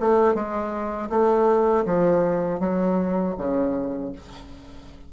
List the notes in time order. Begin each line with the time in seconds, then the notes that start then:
0.00 A3
0.34 G#3
1.10 A3
1.85 F3
2.60 F#3
3.38 C#3